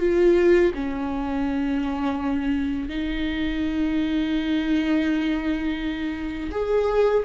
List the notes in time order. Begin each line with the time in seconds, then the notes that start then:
0.00 F4
0.75 C#4
2.89 D#4
6.52 G#4